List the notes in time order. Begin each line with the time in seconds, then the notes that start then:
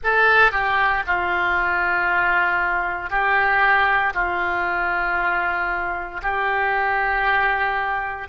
0.03 A4
0.51 G4
1.06 F4
3.09 G4
4.14 F4
6.22 G4